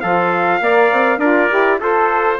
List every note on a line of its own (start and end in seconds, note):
0.00 0.60 F3
0.00 0.60 F4
0.00 0.62 A4
0.00 1.19 F5
0.60 0.90 A#3
0.60 1.19 A#4
0.60 1.19 D5
0.92 1.17 C4
1.17 1.47 D4
1.17 1.49 F4
1.17 1.79 A#4
1.17 1.78 D5
1.49 1.80 E4
1.49 1.79 G4
1.79 2.39 F4
1.79 2.39 A4
1.79 2.40 C5